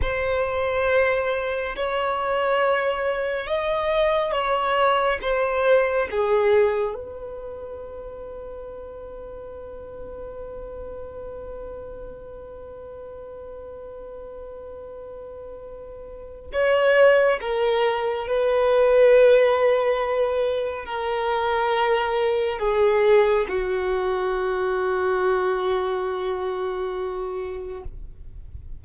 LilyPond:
\new Staff \with { instrumentName = "violin" } { \time 4/4 \tempo 4 = 69 c''2 cis''2 | dis''4 cis''4 c''4 gis'4 | b'1~ | b'1~ |
b'2. cis''4 | ais'4 b'2. | ais'2 gis'4 fis'4~ | fis'1 | }